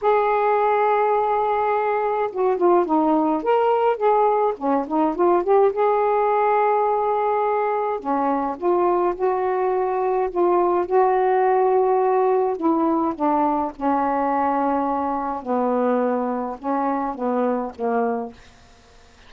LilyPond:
\new Staff \with { instrumentName = "saxophone" } { \time 4/4 \tempo 4 = 105 gis'1 | fis'8 f'8 dis'4 ais'4 gis'4 | cis'8 dis'8 f'8 g'8 gis'2~ | gis'2 cis'4 f'4 |
fis'2 f'4 fis'4~ | fis'2 e'4 d'4 | cis'2. b4~ | b4 cis'4 b4 ais4 | }